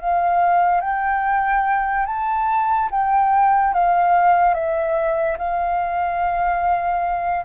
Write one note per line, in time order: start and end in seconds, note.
0.00 0.81 F5
0.81 2.06 G5
2.06 2.89 A5
2.91 3.74 G5
3.74 4.54 F5
4.54 5.37 E5
5.38 7.45 F5